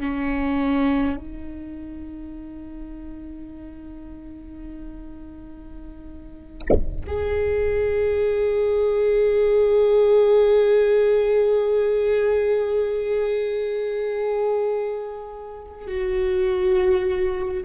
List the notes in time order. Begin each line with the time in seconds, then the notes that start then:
0.00 C#4
1.17 D#4
7.07 G#4
15.88 F#4